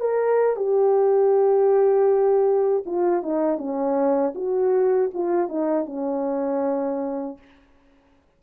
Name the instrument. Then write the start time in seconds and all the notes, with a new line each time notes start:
horn
0.00 A#4
0.56 G4
2.86 F4
3.22 D#4
3.58 C#4
4.35 F#4
5.14 F4
5.49 D#4
5.86 C#4